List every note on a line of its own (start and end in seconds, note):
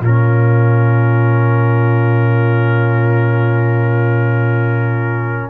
0.00 5.50 A#2
0.00 5.50 C#4
0.00 5.50 F4
0.00 5.50 A#4